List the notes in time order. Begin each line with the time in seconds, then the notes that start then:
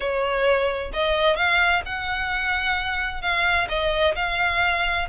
0.00 C#5
0.93 D#5
1.36 F5
1.85 F#5
3.21 F5
3.68 D#5
4.15 F5